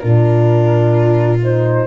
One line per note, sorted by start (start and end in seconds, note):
0.00 1.87 A#2
0.00 1.40 D4
0.00 1.87 F4
0.00 1.38 A#4
1.42 1.87 D#4
1.42 1.87 C5